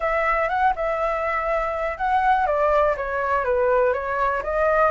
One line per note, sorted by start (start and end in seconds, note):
0.00 0.49 E5
0.49 0.73 F#5
0.75 1.97 E5
1.97 2.46 F#5
2.46 2.95 D5
2.96 3.44 C#5
3.44 3.93 B4
3.93 4.42 C#5
4.43 4.91 D#5